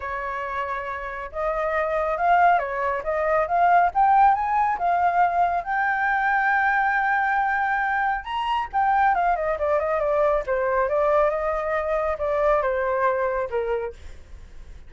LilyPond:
\new Staff \with { instrumentName = "flute" } { \time 4/4 \tempo 4 = 138 cis''2. dis''4~ | dis''4 f''4 cis''4 dis''4 | f''4 g''4 gis''4 f''4~ | f''4 g''2.~ |
g''2. ais''4 | g''4 f''8 dis''8 d''8 dis''8 d''4 | c''4 d''4 dis''2 | d''4 c''2 ais'4 | }